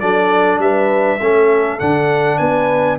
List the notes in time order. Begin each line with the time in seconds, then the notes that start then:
0.00 F#3 D4 A4 D5
0.59 G3 B4 E5
1.21 A3 C#4 A4
1.80 D3 D4 F#5
2.38 B3 B4 G#5